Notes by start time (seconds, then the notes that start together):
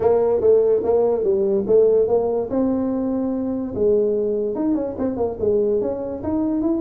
0.00 A#3
0.40 A3
0.83 A#3
1.23 G3
1.66 A3
2.07 A#3
2.50 C4
3.74 G#3
4.55 D#4
4.74 C#4
4.98 C4
5.16 A#3
5.39 G#3
5.81 C#4
6.23 D#4
6.61 E4